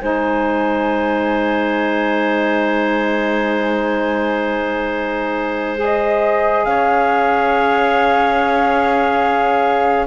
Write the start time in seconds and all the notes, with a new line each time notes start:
0.00 G#3 D#4 C5 G#5
5.77 G#4
5.83 D#5
6.64 C#4 C#5 F5